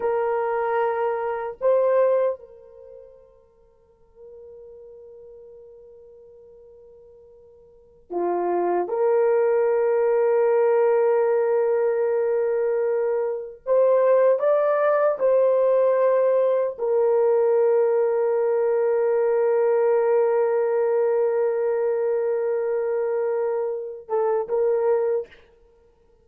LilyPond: \new Staff \with { instrumentName = "horn" } { \time 4/4 \tempo 4 = 76 ais'2 c''4 ais'4~ | ais'1~ | ais'2~ ais'16 f'4 ais'8.~ | ais'1~ |
ais'4~ ais'16 c''4 d''4 c''8.~ | c''4~ c''16 ais'2~ ais'8.~ | ais'1~ | ais'2~ ais'8 a'8 ais'4 | }